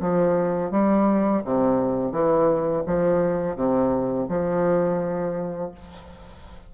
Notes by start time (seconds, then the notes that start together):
0.00 F3
0.71 G3
1.44 C3
2.11 E3
2.86 F3
3.55 C3
4.28 F3